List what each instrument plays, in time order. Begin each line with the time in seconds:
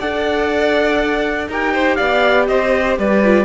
0.00 cello D4, viola A4, violin D5, trumpet F#5
1.48 cello D#4, viola G4, violin A#4, trumpet G5
1.74 violin C5
1.96 cello B3, violin D5, trumpet F5
2.48 cello C4, violin C5, trumpet D#5
2.99 cello G3, violin B4, trumpet D5
3.25 viola F4